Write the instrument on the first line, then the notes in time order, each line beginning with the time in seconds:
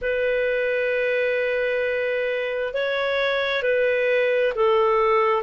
clarinet
0.01 B4
2.73 C#5
3.62 B4
4.55 A4